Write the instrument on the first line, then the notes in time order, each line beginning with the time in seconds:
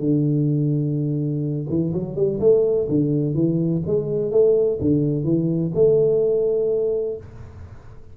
tuba
0.00 D3
1.69 E3
1.94 F#3
2.16 G3
2.40 A3
2.89 D3
3.35 E3
3.87 G#3
4.32 A3
4.81 D3
5.24 E3
5.75 A3